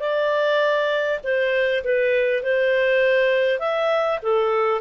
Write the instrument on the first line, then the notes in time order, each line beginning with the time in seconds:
clarinet
0.00 D5
1.24 C5
1.84 B4
2.43 C5
3.59 E5
4.22 A4